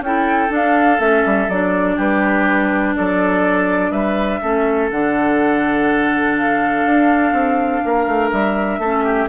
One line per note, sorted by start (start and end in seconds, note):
0.00 0.49 C#4
0.00 0.48 E4
0.00 1.96 A4
0.00 0.52 G5
0.48 0.97 D4
0.48 0.99 D4
0.55 1.00 F5
0.99 1.23 A3
0.99 1.48 C#4
0.99 1.49 E5
1.25 1.48 G3
1.48 1.97 F#3
1.48 4.42 D4
1.48 1.98 D5
1.96 2.96 G3
1.96 2.94 G4
1.96 2.95 B4
2.95 3.90 F#3
2.95 3.91 A4
2.95 3.91 D5
3.90 4.39 G3
3.90 4.40 B4
3.90 4.88 E5
4.41 4.91 A3
4.41 4.91 C#4
4.41 7.83 A4
4.91 6.85 D3
4.91 8.82 D4
4.91 6.37 F#5
6.37 8.31 F5
6.85 7.32 D4
7.32 7.81 C4
7.85 8.06 A#3
7.85 8.80 A#4
8.06 8.31 A3
8.31 8.78 G3
8.31 9.29 E5
8.78 9.27 A3
8.78 9.29 C#4
8.78 9.04 A4
9.04 9.28 G4